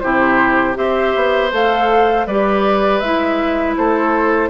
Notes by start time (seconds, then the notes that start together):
0.00 C3 E4 G4 C5
0.75 C4 G4 C5 E5
1.16 B3
1.51 A3 A4 F5
2.27 G3 G4 B4 D5
3.00 G#3 E4 E5
3.77 A3 A4 C5